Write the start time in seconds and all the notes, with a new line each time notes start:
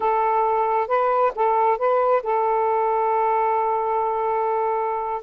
0.00 A4
0.87 B4
1.35 A4
1.78 B4
2.23 A4